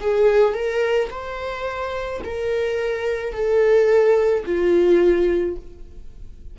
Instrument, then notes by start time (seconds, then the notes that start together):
viola
0.00 G#4
0.53 A#4
1.10 C5
2.24 A#4
3.32 A4
4.45 F4